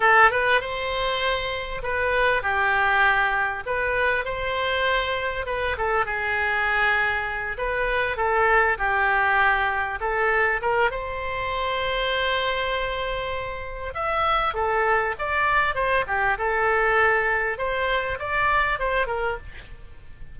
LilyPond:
\new Staff \with { instrumentName = "oboe" } { \time 4/4 \tempo 4 = 99 a'8 b'8 c''2 b'4 | g'2 b'4 c''4~ | c''4 b'8 a'8 gis'2~ | gis'8 b'4 a'4 g'4.~ |
g'8 a'4 ais'8 c''2~ | c''2. e''4 | a'4 d''4 c''8 g'8 a'4~ | a'4 c''4 d''4 c''8 ais'8 | }